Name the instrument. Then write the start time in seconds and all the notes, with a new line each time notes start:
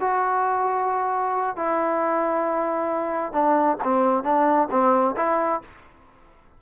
trombone
0.00 F#4
1.56 E4
3.32 D4
3.84 C4
4.23 D4
4.70 C4
5.17 E4